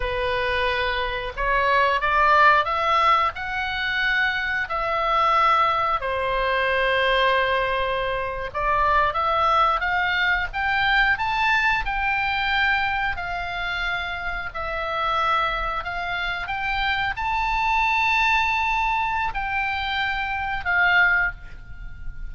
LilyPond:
\new Staff \with { instrumentName = "oboe" } { \time 4/4 \tempo 4 = 90 b'2 cis''4 d''4 | e''4 fis''2 e''4~ | e''4 c''2.~ | c''8. d''4 e''4 f''4 g''16~ |
g''8. a''4 g''2 f''16~ | f''4.~ f''16 e''2 f''16~ | f''8. g''4 a''2~ a''16~ | a''4 g''2 f''4 | }